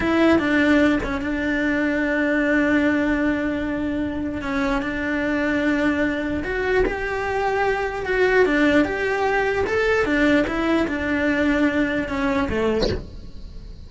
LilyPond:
\new Staff \with { instrumentName = "cello" } { \time 4/4 \tempo 4 = 149 e'4 d'4. cis'8 d'4~ | d'1~ | d'2. cis'4 | d'1 |
fis'4 g'2. | fis'4 d'4 g'2 | a'4 d'4 e'4 d'4~ | d'2 cis'4 a4 | }